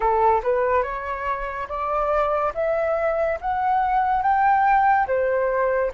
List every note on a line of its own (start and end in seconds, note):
0.00 0.41 A4
0.43 0.83 B4
0.83 1.67 C#5
1.68 2.52 D5
2.54 3.38 E5
3.40 4.22 F#5
4.22 5.07 G5
5.07 5.91 C5